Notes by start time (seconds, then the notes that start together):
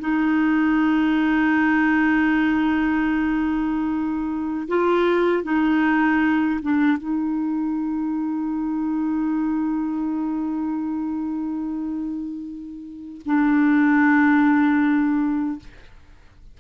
0.00 D#4
4.68 F4
5.43 D#4
6.62 D4
6.98 D#4
13.26 D4